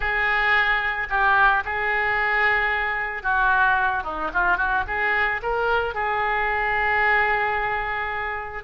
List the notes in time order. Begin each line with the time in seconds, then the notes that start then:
0.00 G#4
1.09 G4
1.64 G#4
3.22 F#4
4.03 D#4
4.33 F4
4.57 F#4
4.87 G#4
5.42 A#4
5.94 G#4